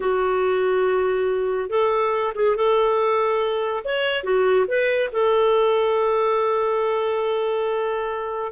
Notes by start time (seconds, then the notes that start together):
0.00 F#4
1.69 A4
2.34 G#4
2.56 A4
3.84 C#5
4.23 F#4
4.67 B4
5.12 A4